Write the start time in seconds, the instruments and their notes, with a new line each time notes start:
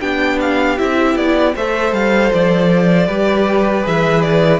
0.00 cello B3, viola D4, violin G4 G5
0.40 violin F5
0.77 cello C4, viola E4, violin E5
1.15 cello B3, violin D5
1.54 cello A3, viola A4, violin C5 E5
1.92 cello G3, violin F5
2.33 cello F3, violin D5
3.07 cello G3, viola G4, violin B4
3.82 cello E3, viola G#4, violin E5
4.21 violin D5